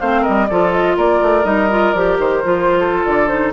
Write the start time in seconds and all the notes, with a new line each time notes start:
0.00 A3 C4 C5 F5
0.22 A#4 D#5
0.28 G3
0.47 F3 F4 A4 D5
0.72 D#5
0.97 A#3 A#4 D5
1.22 A3
1.44 G3 D#4 D#5
1.70 F4
1.93 F3 G4 D5
2.18 D#3 C5
2.44 F3 F4
2.79 A4
3.06 D3 D5
3.28 D#4 C5